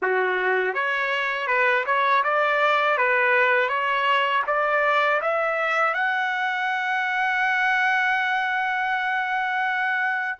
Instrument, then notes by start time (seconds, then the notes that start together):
trumpet
0.02 F#4
0.73 C#5
1.47 B4
1.86 C#5
2.23 D5
2.97 B4
3.68 C#5
4.46 D5
5.21 E5
5.94 F#5